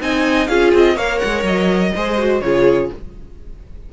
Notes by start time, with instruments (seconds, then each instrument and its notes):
0.00 cello C4, viola D#4, violin D#5 G#5
0.47 cello C#4, viola F4, violin G#4 F5
0.74 cello C4, violin D#5
0.94 cello A#3, viola A#4, violin C#5 F5
1.19 cello G#3, violin F#5
1.43 cello F#3, violin D#5
1.95 cello G#3, viola G#4, violin C5
2.18 viola F#4
2.41 cello C#3, viola F4, violin G#4 C#5